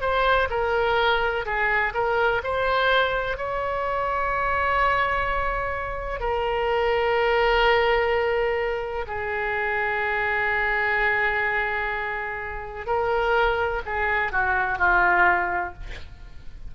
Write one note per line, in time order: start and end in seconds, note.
0.00 0.48 C5
0.50 1.45 A#4
1.45 1.93 G#4
1.94 2.41 A#4
2.43 3.37 C5
3.37 6.19 C#5
6.19 9.05 A#4
9.07 12.86 G#4
12.86 13.81 A#4
13.85 14.32 G#4
14.32 14.78 F#4
14.78 15.73 F4